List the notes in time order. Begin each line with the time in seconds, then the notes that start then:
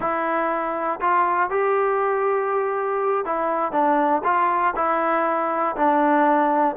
0.00 E4
1.00 F4
1.50 G4
3.25 E4
3.72 D4
4.24 F4
4.75 E4
5.76 D4